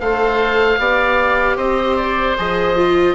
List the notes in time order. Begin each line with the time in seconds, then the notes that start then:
0.00 A3 A4 C5 F5
0.78 B3 G4 D5
1.56 C4 C5 D#5
1.97 D5
2.37 F3 G#4 D#5
2.77 F4